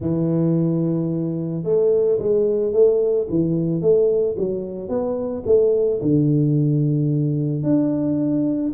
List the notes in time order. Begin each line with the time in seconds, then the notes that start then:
0.00 E3
1.63 A3
2.18 G#3
2.72 A3
3.29 E3
3.81 A3
4.38 F#3
4.88 B3
5.46 A3
6.01 D3
7.63 D4